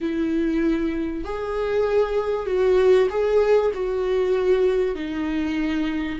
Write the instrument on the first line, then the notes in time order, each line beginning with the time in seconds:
viola
0.00 E4
1.24 G#4
2.46 F#4
3.09 G#4
3.74 F#4
4.95 D#4